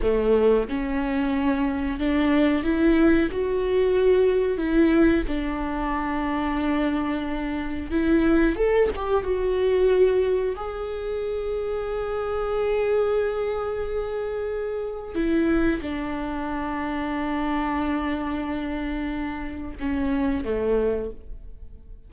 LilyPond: \new Staff \with { instrumentName = "viola" } { \time 4/4 \tempo 4 = 91 a4 cis'2 d'4 | e'4 fis'2 e'4 | d'1 | e'4 a'8 g'8 fis'2 |
gis'1~ | gis'2. e'4 | d'1~ | d'2 cis'4 a4 | }